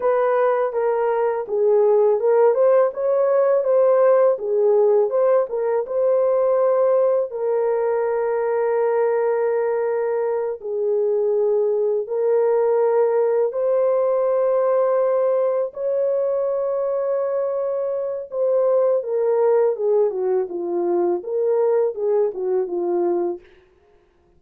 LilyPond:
\new Staff \with { instrumentName = "horn" } { \time 4/4 \tempo 4 = 82 b'4 ais'4 gis'4 ais'8 c''8 | cis''4 c''4 gis'4 c''8 ais'8 | c''2 ais'2~ | ais'2~ ais'8 gis'4.~ |
gis'8 ais'2 c''4.~ | c''4. cis''2~ cis''8~ | cis''4 c''4 ais'4 gis'8 fis'8 | f'4 ais'4 gis'8 fis'8 f'4 | }